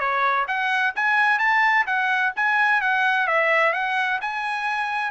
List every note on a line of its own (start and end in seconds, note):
0.00 0.47 C#5
0.48 0.94 F#5
0.96 1.39 G#5
1.39 1.86 A5
1.86 2.33 F#5
2.36 2.81 G#5
2.81 3.27 F#5
3.27 3.73 E5
3.73 4.20 F#5
4.21 5.11 G#5